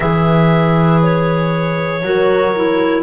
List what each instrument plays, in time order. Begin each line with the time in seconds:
0.00 double bass E3, clarinet G#4 E5, horn B4
1.03 clarinet C#5
2.02 double bass F#3, clarinet F#4, horn A#4
2.55 clarinet E4